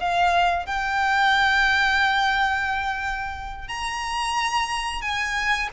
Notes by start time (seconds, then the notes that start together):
0.00 F5
0.66 G5
3.68 A#5
5.01 G#5